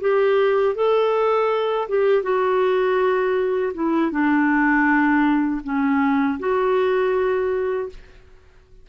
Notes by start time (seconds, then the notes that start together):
0.00 G4
0.75 A4
1.88 G4
2.23 F#4
3.74 E4
4.11 D4
5.64 C#4
6.39 F#4